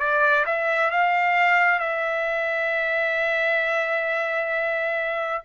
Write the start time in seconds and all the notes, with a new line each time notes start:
0.00 D5
0.46 E5
0.91 F5
1.80 E5